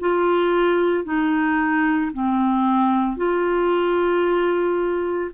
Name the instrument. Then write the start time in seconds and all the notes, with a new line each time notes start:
clarinet
0.00 F4
1.05 D#4
2.13 C4
3.17 F4